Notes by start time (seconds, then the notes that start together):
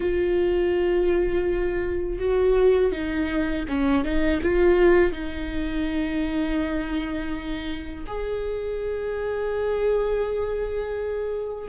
0.00 F4
2.19 F#4
2.92 D#4
3.68 C#4
4.04 D#4
4.42 F4
5.12 D#4
8.07 G#4